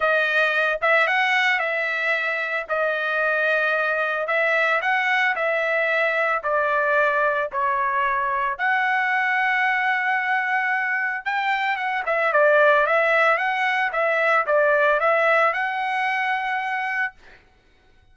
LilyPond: \new Staff \with { instrumentName = "trumpet" } { \time 4/4 \tempo 4 = 112 dis''4. e''8 fis''4 e''4~ | e''4 dis''2. | e''4 fis''4 e''2 | d''2 cis''2 |
fis''1~ | fis''4 g''4 fis''8 e''8 d''4 | e''4 fis''4 e''4 d''4 | e''4 fis''2. | }